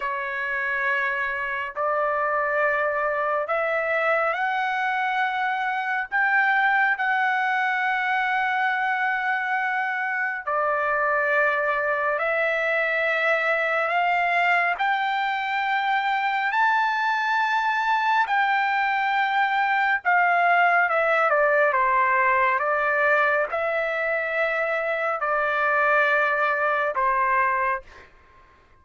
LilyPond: \new Staff \with { instrumentName = "trumpet" } { \time 4/4 \tempo 4 = 69 cis''2 d''2 | e''4 fis''2 g''4 | fis''1 | d''2 e''2 |
f''4 g''2 a''4~ | a''4 g''2 f''4 | e''8 d''8 c''4 d''4 e''4~ | e''4 d''2 c''4 | }